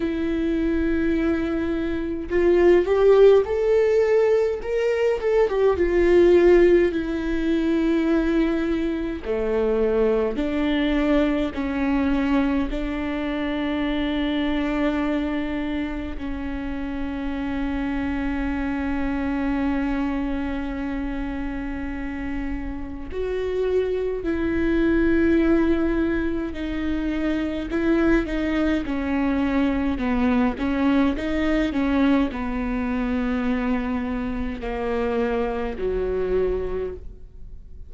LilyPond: \new Staff \with { instrumentName = "viola" } { \time 4/4 \tempo 4 = 52 e'2 f'8 g'8 a'4 | ais'8 a'16 g'16 f'4 e'2 | a4 d'4 cis'4 d'4~ | d'2 cis'2~ |
cis'1 | fis'4 e'2 dis'4 | e'8 dis'8 cis'4 b8 cis'8 dis'8 cis'8 | b2 ais4 fis4 | }